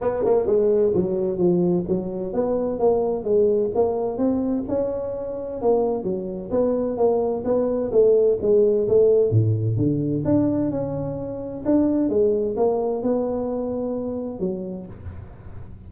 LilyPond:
\new Staff \with { instrumentName = "tuba" } { \time 4/4 \tempo 4 = 129 b8 ais8 gis4 fis4 f4 | fis4 b4 ais4 gis4 | ais4 c'4 cis'2 | ais4 fis4 b4 ais4 |
b4 a4 gis4 a4 | a,4 d4 d'4 cis'4~ | cis'4 d'4 gis4 ais4 | b2. fis4 | }